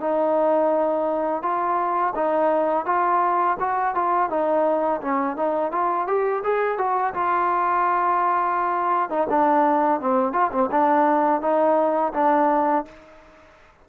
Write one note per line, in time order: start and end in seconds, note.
0.00 1.42 D#4
1.42 2.14 F4
2.15 2.86 D#4
2.86 3.57 F4
3.60 3.95 F#4
3.95 4.29 F4
4.29 5.01 D#4
5.01 5.36 C#4
5.36 5.71 D#4
5.71 6.07 F4
6.07 6.43 G4
6.44 6.78 G#4
6.78 7.14 F#4
7.14 9.09 F4
9.09 9.27 D#4
9.30 10.00 D4
10.00 10.33 C4
10.33 10.51 F4
10.52 10.69 C4
10.71 11.41 D4
11.41 12.13 D#4
12.14 12.85 D4